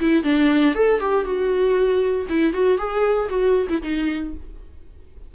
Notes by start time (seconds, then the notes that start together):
0.00 E4
0.24 D4
0.75 A4
1.00 G4
1.25 F#4
2.29 E4
2.54 F#4
2.78 G#4
3.29 F#4
3.70 E4
3.83 D#4